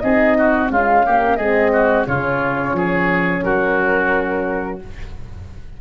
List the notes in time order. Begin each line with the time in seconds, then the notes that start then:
0.00 C4 D#4 G#4 D#5
0.38 F#4
0.70 G#3 C#4 F4 F5
1.06 A#3 G4
1.37 G#3 C4 G#4 D#5
1.73 F#4
2.07 C#3 C#4 F4 C#5
2.73 F3 G#4
3.43 F#3 F#4 A#4